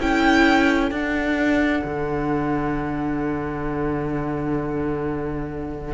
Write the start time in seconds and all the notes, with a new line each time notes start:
0.00 C#4 E4 A4 G5
0.92 D4 F#5
1.85 D3